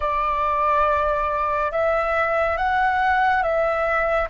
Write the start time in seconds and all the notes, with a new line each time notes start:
0.00 D5
1.71 E5
2.57 F#5
3.42 E5